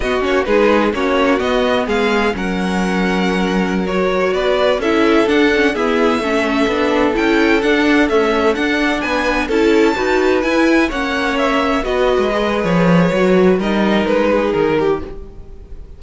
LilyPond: <<
  \new Staff \with { instrumentName = "violin" } { \time 4/4 \tempo 4 = 128 dis''8 cis''8 b'4 cis''4 dis''4 | f''4 fis''2.~ | fis''16 cis''4 d''4 e''4 fis''8.~ | fis''16 e''2. g''8.~ |
g''16 fis''4 e''4 fis''4 gis''8.~ | gis''16 a''2 gis''4 fis''8.~ | fis''16 e''4 dis''4.~ dis''16 cis''4~ | cis''4 dis''4 b'4 ais'4 | }
  \new Staff \with { instrumentName = "violin" } { \time 4/4 fis'4 gis'4 fis'2 | gis'4 ais'2.~ | ais'4~ ais'16 b'4 a'4.~ a'16~ | a'16 gis'4 a'2~ a'8.~ |
a'2.~ a'16 b'8.~ | b'16 a'4 b'2 cis''8.~ | cis''4~ cis''16 b'2~ b'8.~ | b'4 ais'4. gis'4 g'8 | }
  \new Staff \with { instrumentName = "viola" } { \time 4/4 b8 cis'8 dis'4 cis'4 b4~ | b4 cis'2.~ | cis'16 fis'2 e'4 d'8 cis'16~ | cis'16 b4 cis'4 d'4 e'8.~ |
e'16 d'4 a4 d'4.~ d'16~ | d'16 e'4 fis'4 e'4 cis'8.~ | cis'4~ cis'16 fis'4 gis'4.~ gis'16 | fis'4 dis'2. | }
  \new Staff \with { instrumentName = "cello" } { \time 4/4 b8 ais8 gis4 ais4 b4 | gis4 fis2.~ | fis4~ fis16 b4 cis'4 d'8.~ | d'16 e'4 a4 b4 cis'8.~ |
cis'16 d'4 cis'4 d'4 b8.~ | b16 cis'4 dis'4 e'4 ais8.~ | ais4~ ais16 b8. gis4 f4 | fis4 g4 gis4 dis4 | }
>>